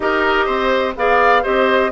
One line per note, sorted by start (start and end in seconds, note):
0.00 0.47 D#4
0.00 0.94 G4
0.00 0.45 A#4
0.00 0.94 D#5
0.45 0.95 C4
0.45 0.93 C5
0.96 1.44 B3
0.96 1.42 G#4
0.96 1.43 D5
0.96 1.44 F5
1.42 1.91 C4
1.42 1.90 G4
1.42 1.91 C5
1.42 1.91 D#5